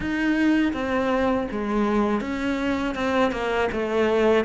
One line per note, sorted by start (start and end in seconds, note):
0.00 0.72 D#4
0.73 1.47 C4
1.51 2.21 G#3
2.21 2.95 C#4
2.95 3.31 C4
3.31 3.68 A#3
3.72 4.44 A3